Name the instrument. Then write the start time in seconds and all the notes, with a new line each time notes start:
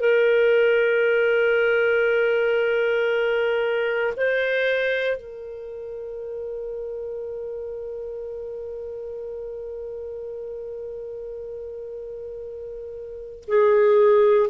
clarinet
0.00 A#4
4.17 C5
5.16 A#4
13.48 G#4